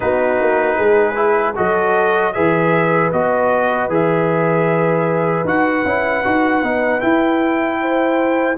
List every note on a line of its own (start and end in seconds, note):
0.00 0.41 B3
0.00 1.15 D#4
0.00 0.76 F#4
0.00 1.56 B4
0.41 0.78 A#3
0.76 1.56 G#3
0.76 1.54 G#4
1.15 1.54 E4
1.55 2.36 F#3
1.55 2.33 F#4
1.55 2.34 A4
1.55 2.32 D#5
2.32 3.12 E3
2.32 3.12 G#4
2.32 7.80 B4
2.32 3.10 E5
3.12 3.88 B3
3.12 3.89 F#4
3.12 3.90 D#5
3.88 5.44 E3
3.88 5.45 G#4
3.88 5.47 E5
5.44 5.83 D#4
5.44 5.85 F#4
5.44 7.00 F#5
5.85 6.24 C#4
5.85 6.24 E4
6.24 6.62 D#4
6.24 6.63 F#4
6.62 7.01 B3
6.62 7.00 D#4
7.00 8.56 E4
7.00 8.57 E4
7.00 8.56 G5
7.81 8.57 C5